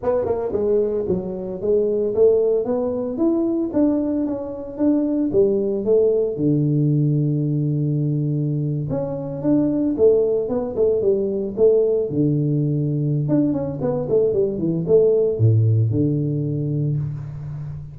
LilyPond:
\new Staff \with { instrumentName = "tuba" } { \time 4/4 \tempo 4 = 113 b8 ais8 gis4 fis4 gis4 | a4 b4 e'4 d'4 | cis'4 d'4 g4 a4 | d1~ |
d8. cis'4 d'4 a4 b16~ | b16 a8 g4 a4 d4~ d16~ | d4 d'8 cis'8 b8 a8 g8 e8 | a4 a,4 d2 | }